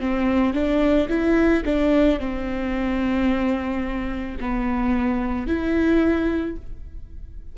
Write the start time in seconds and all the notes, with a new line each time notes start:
0.00 C4
0.54 D4
1.09 E4
1.66 D4
2.20 C4
4.40 B3
5.47 E4